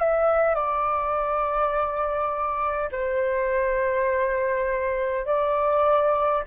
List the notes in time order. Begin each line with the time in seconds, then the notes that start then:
0.00 E5
0.55 D5
2.91 C5
5.26 D5